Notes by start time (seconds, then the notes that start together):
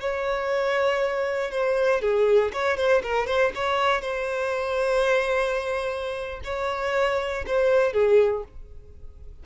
0.00 C#5
1.51 C5
2.01 G#4
2.53 C#5
2.77 C5
3.03 A#4
3.27 C5
3.55 C#5
4.01 C5
6.44 C#5
7.46 C5
7.93 G#4